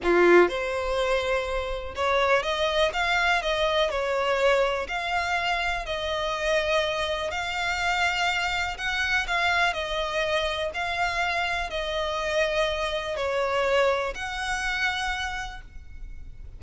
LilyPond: \new Staff \with { instrumentName = "violin" } { \time 4/4 \tempo 4 = 123 f'4 c''2. | cis''4 dis''4 f''4 dis''4 | cis''2 f''2 | dis''2. f''4~ |
f''2 fis''4 f''4 | dis''2 f''2 | dis''2. cis''4~ | cis''4 fis''2. | }